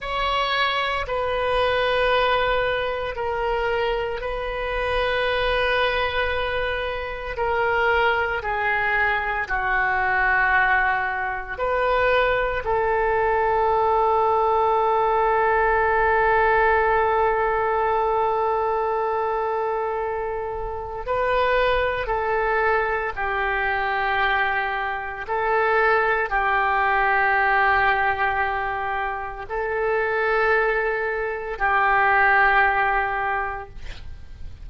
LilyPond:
\new Staff \with { instrumentName = "oboe" } { \time 4/4 \tempo 4 = 57 cis''4 b'2 ais'4 | b'2. ais'4 | gis'4 fis'2 b'4 | a'1~ |
a'1 | b'4 a'4 g'2 | a'4 g'2. | a'2 g'2 | }